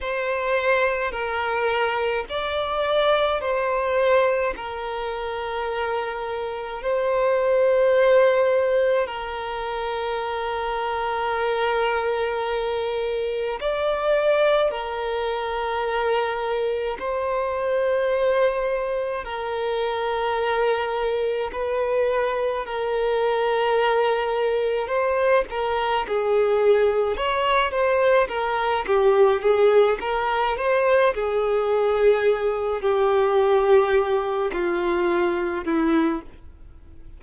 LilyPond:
\new Staff \with { instrumentName = "violin" } { \time 4/4 \tempo 4 = 53 c''4 ais'4 d''4 c''4 | ais'2 c''2 | ais'1 | d''4 ais'2 c''4~ |
c''4 ais'2 b'4 | ais'2 c''8 ais'8 gis'4 | cis''8 c''8 ais'8 g'8 gis'8 ais'8 c''8 gis'8~ | gis'4 g'4. f'4 e'8 | }